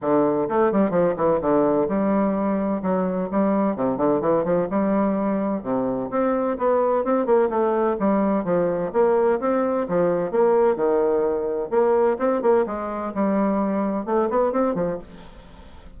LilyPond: \new Staff \with { instrumentName = "bassoon" } { \time 4/4 \tempo 4 = 128 d4 a8 g8 f8 e8 d4 | g2 fis4 g4 | c8 d8 e8 f8 g2 | c4 c'4 b4 c'8 ais8 |
a4 g4 f4 ais4 | c'4 f4 ais4 dis4~ | dis4 ais4 c'8 ais8 gis4 | g2 a8 b8 c'8 f8 | }